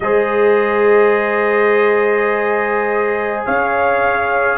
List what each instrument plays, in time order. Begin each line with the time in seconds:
0.00 tuba G#3, trombone G#4, horn C5, trumpet D#5
3.45 tuba C#4, horn C#5, trumpet F5